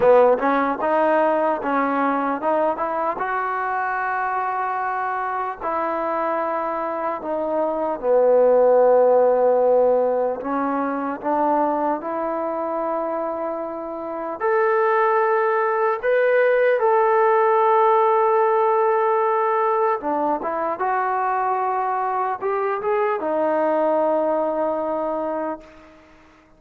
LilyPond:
\new Staff \with { instrumentName = "trombone" } { \time 4/4 \tempo 4 = 75 b8 cis'8 dis'4 cis'4 dis'8 e'8 | fis'2. e'4~ | e'4 dis'4 b2~ | b4 cis'4 d'4 e'4~ |
e'2 a'2 | b'4 a'2.~ | a'4 d'8 e'8 fis'2 | g'8 gis'8 dis'2. | }